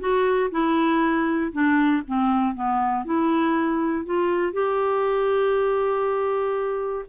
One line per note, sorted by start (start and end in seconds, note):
0.00 0.50 F#4
0.51 1.52 E4
1.52 2.03 D4
2.07 2.54 C4
2.54 3.05 B3
3.05 4.05 E4
4.05 4.53 F4
4.53 7.05 G4